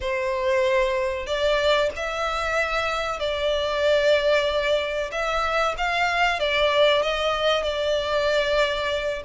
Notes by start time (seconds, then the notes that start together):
0.00 C5
1.26 D5
1.96 E5
3.19 D5
5.11 E5
5.77 F5
6.39 D5
7.02 D#5
7.63 D5